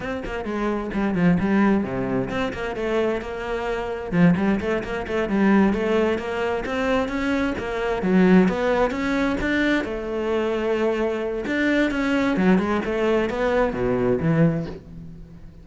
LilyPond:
\new Staff \with { instrumentName = "cello" } { \time 4/4 \tempo 4 = 131 c'8 ais8 gis4 g8 f8 g4 | c4 c'8 ais8 a4 ais4~ | ais4 f8 g8 a8 ais8 a8 g8~ | g8 a4 ais4 c'4 cis'8~ |
cis'8 ais4 fis4 b4 cis'8~ | cis'8 d'4 a2~ a8~ | a4 d'4 cis'4 fis8 gis8 | a4 b4 b,4 e4 | }